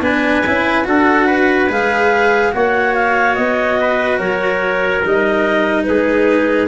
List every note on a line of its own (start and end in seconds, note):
0.00 0.42 B3
0.00 0.43 D4
0.00 0.86 B4
0.00 0.86 G#5
0.46 0.87 C#4
0.46 0.84 E4
0.84 1.69 D4
0.84 1.68 F#4
0.84 1.26 A4
0.84 1.70 F#5
1.26 2.51 B4
1.69 2.53 G#3
1.69 2.52 G#4
1.69 2.53 F5
2.52 3.36 A#3
2.52 5.02 F#4
2.52 3.80 C#5
2.52 2.95 F#5
2.95 3.35 F5
3.35 4.19 B3
3.35 4.18 D#5
3.81 4.18 B4
4.18 5.03 F#3
4.18 5.85 A#4
4.18 5.02 C#5
5.05 5.88 G3
5.05 6.68 D#4
5.05 5.84 D#5
5.84 6.68 G#3
5.84 6.68 G#4
5.84 6.67 B4